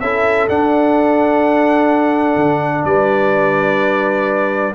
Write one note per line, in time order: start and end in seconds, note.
0.00 0.48 C#4
0.00 0.49 E4
0.00 2.86 A4
0.00 0.47 E5
0.49 2.36 D4
0.49 4.74 D4
0.49 2.85 F#5
2.36 2.83 D3
2.85 4.74 G3
2.85 4.75 B4
2.85 4.74 D5